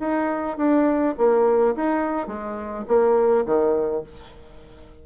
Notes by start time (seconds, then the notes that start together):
0.00 D#4
0.58 D4
1.18 A#3
1.76 D#4
2.28 G#3
2.88 A#3
3.46 D#3